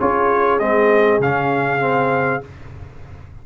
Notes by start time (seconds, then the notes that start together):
0.00 C#4 F4 G#4 C#5
0.59 G#3 C4 D#5
1.20 C#3 C#4 F5
1.80 C4